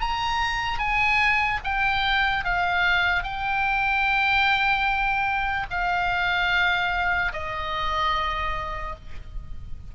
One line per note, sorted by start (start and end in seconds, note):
0.00 0.79 A#5
0.79 1.60 G#5
1.64 2.44 G5
2.44 3.23 F5
3.23 5.66 G5
5.70 7.32 F5
7.33 8.95 D#5